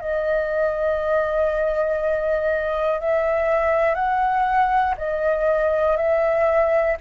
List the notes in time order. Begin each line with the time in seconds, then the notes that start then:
0.00 D#5
3.00 E5
3.95 F#5
4.97 D#5
5.97 E5